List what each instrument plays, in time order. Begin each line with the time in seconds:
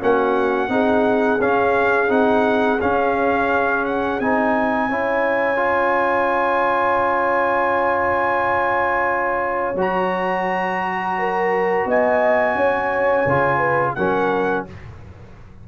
0.00 tuba A#3, trombone C#4, horn F#4, trumpet F#5
0.69 tuba C4, trombone D#4, horn G#4
1.40 tuba C#4, trombone C#4, trumpet F5
2.09 tuba C4, trombone D#4, trumpet F#5
2.81 trombone C#4, tuba C#4, trumpet F5
3.85 trumpet F#5
4.20 tuba C4, trombone D#4, trumpet G#5
4.88 tuba C#4, trombone E4, horn C#5
5.56 trombone F4
9.75 tuba F#3, trombone F#4, trumpet A#5
11.18 horn A#4
11.85 tuba B3, horn D#5, trumpet G#5
12.55 tuba C#4, horn C#5
13.26 tuba C#3, trombone F4
13.58 horn B4
13.94 tuba F#3, trombone C#4, horn A#4, trumpet F#5